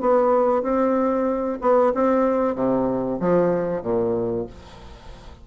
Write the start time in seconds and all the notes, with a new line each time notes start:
0.00 B3
0.62 C4
1.61 B3
1.94 C4
2.55 C3
3.20 F3
3.82 A#2